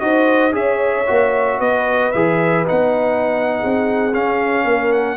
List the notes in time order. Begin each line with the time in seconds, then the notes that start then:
0.00 D#4 F#4 C5 D#5
0.52 C#4 G#4 C#5 E5
1.07 A#3 F#4
1.59 B3 B4 D#5
2.12 E3 G#4 E5
2.66 B3 D#4 F#5
3.59 C4 G#4
4.14 C#4 F5
4.64 A#3 A#4
4.92 F#5